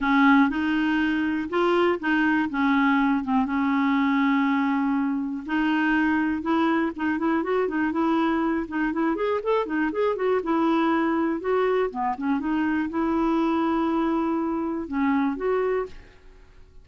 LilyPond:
\new Staff \with { instrumentName = "clarinet" } { \time 4/4 \tempo 4 = 121 cis'4 dis'2 f'4 | dis'4 cis'4. c'8 cis'4~ | cis'2. dis'4~ | dis'4 e'4 dis'8 e'8 fis'8 dis'8 |
e'4. dis'8 e'8 gis'8 a'8 dis'8 | gis'8 fis'8 e'2 fis'4 | b8 cis'8 dis'4 e'2~ | e'2 cis'4 fis'4 | }